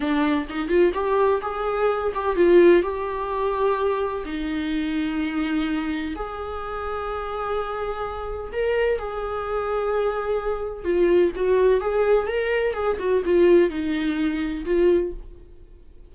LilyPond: \new Staff \with { instrumentName = "viola" } { \time 4/4 \tempo 4 = 127 d'4 dis'8 f'8 g'4 gis'4~ | gis'8 g'8 f'4 g'2~ | g'4 dis'2.~ | dis'4 gis'2.~ |
gis'2 ais'4 gis'4~ | gis'2. f'4 | fis'4 gis'4 ais'4 gis'8 fis'8 | f'4 dis'2 f'4 | }